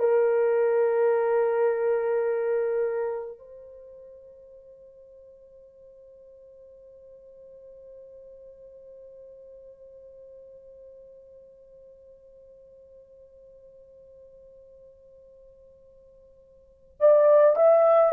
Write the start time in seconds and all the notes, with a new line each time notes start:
0.00 A#4
3.39 C5
17.00 D5
17.57 E5